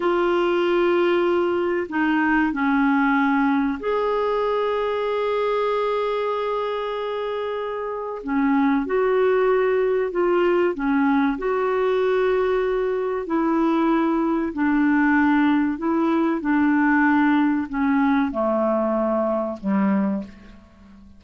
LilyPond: \new Staff \with { instrumentName = "clarinet" } { \time 4/4 \tempo 4 = 95 f'2. dis'4 | cis'2 gis'2~ | gis'1~ | gis'4 cis'4 fis'2 |
f'4 cis'4 fis'2~ | fis'4 e'2 d'4~ | d'4 e'4 d'2 | cis'4 a2 g4 | }